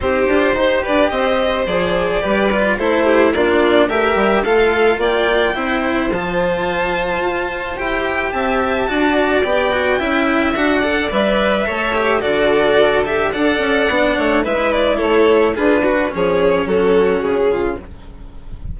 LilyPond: <<
  \new Staff \with { instrumentName = "violin" } { \time 4/4 \tempo 4 = 108 c''4. d''8 dis''4 d''4~ | d''4 c''4 d''4 e''4 | f''4 g''2 a''4~ | a''2 g''4 a''4~ |
a''4 g''2 fis''4 | e''2 d''4. e''8 | fis''2 e''8 d''8 cis''4 | b'4 cis''4 a'4 gis'4 | }
  \new Staff \with { instrumentName = "violin" } { \time 4/4 g'4 c''8 b'8 c''2 | b'4 a'8 g'8 f'4 ais'4 | a'4 d''4 c''2~ | c''2. e''4 |
d''2 e''4. d''8~ | d''4 cis''4 a'2 | d''4. cis''8 b'4 a'4 | gis'8 fis'8 gis'4 fis'4. f'8 | }
  \new Staff \with { instrumentName = "cello" } { \time 4/4 dis'8 f'8 g'2 gis'4 | g'8 f'8 e'4 d'4 g'4 | f'2 e'4 f'4~ | f'2 g'2 |
fis'4 g'8 fis'8 e'4 fis'8 a'8 | b'4 a'8 g'8 fis'4. g'8 | a'4 d'4 e'2 | f'8 fis'8 cis'2. | }
  \new Staff \with { instrumentName = "bassoon" } { \time 4/4 c'8 d'8 dis'8 d'8 c'4 f4 | g4 a4 ais4 a8 g8 | a4 ais4 c'4 f4~ | f4 f'4 e'4 c'4 |
d'4 b4 cis'4 d'4 | g4 a4 d2 | d'8 cis'8 b8 a8 gis4 a4 | d'4 f4 fis4 cis4 | }
>>